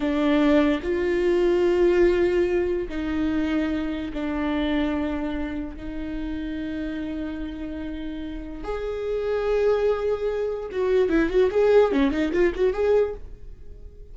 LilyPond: \new Staff \with { instrumentName = "viola" } { \time 4/4 \tempo 4 = 146 d'2 f'2~ | f'2. dis'4~ | dis'2 d'2~ | d'2 dis'2~ |
dis'1~ | dis'4 gis'2.~ | gis'2 fis'4 e'8 fis'8 | gis'4 cis'8 dis'8 f'8 fis'8 gis'4 | }